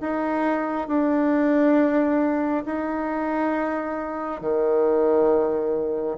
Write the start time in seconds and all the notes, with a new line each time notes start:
0.00 D#4
0.87 D4
2.65 D#4
4.40 D#3